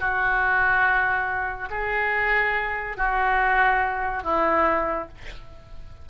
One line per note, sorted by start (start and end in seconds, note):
0.00 1.69 F#4
1.71 2.97 G#4
2.97 4.24 F#4
4.24 5.08 E4